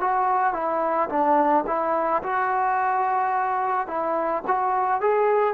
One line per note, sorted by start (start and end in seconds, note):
0.00 0.53 F#4
0.53 1.09 E4
1.09 1.65 D4
1.67 2.22 E4
2.23 3.87 F#4
3.87 4.43 E4
4.47 5.01 F#4
5.01 5.54 G#4